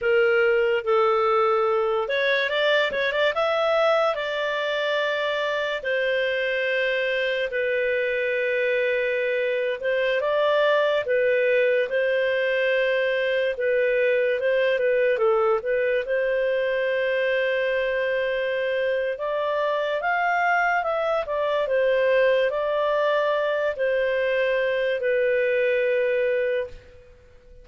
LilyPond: \new Staff \with { instrumentName = "clarinet" } { \time 4/4 \tempo 4 = 72 ais'4 a'4. cis''8 d''8 cis''16 d''16 | e''4 d''2 c''4~ | c''4 b'2~ b'8. c''16~ | c''16 d''4 b'4 c''4.~ c''16~ |
c''16 b'4 c''8 b'8 a'8 b'8 c''8.~ | c''2. d''4 | f''4 e''8 d''8 c''4 d''4~ | d''8 c''4. b'2 | }